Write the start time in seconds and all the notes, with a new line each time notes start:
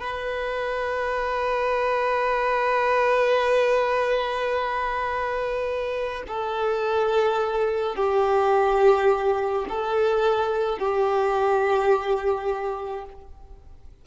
0.00 B4
6.27 A4
7.96 G4
9.69 A4
10.79 G4